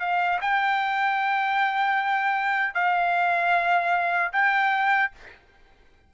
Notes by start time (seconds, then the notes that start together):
0.00 F5
0.41 G5
2.75 F5
4.33 G5